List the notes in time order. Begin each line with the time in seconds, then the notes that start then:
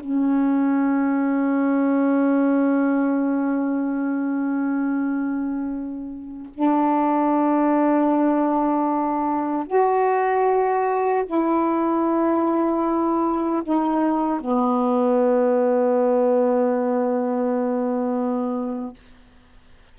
0.00 C#4
6.53 D4
9.67 F#4
11.26 E4
13.63 D#4
14.40 B3